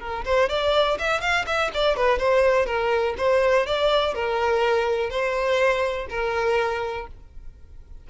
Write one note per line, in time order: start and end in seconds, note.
0.00 0.24 A#4
0.25 0.49 C5
0.49 0.98 D5
0.99 1.21 E5
1.21 1.45 F5
1.46 1.71 E5
1.74 1.96 D5
1.96 2.19 B4
2.19 2.66 C5
2.66 3.15 A#4
3.18 3.67 C5
3.67 4.14 D5
4.14 5.10 A#4
5.10 6.07 C5
6.10 7.07 A#4